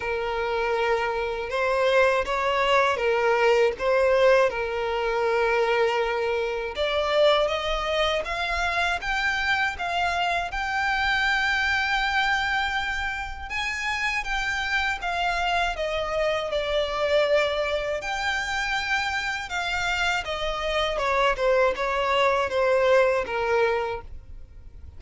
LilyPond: \new Staff \with { instrumentName = "violin" } { \time 4/4 \tempo 4 = 80 ais'2 c''4 cis''4 | ais'4 c''4 ais'2~ | ais'4 d''4 dis''4 f''4 | g''4 f''4 g''2~ |
g''2 gis''4 g''4 | f''4 dis''4 d''2 | g''2 f''4 dis''4 | cis''8 c''8 cis''4 c''4 ais'4 | }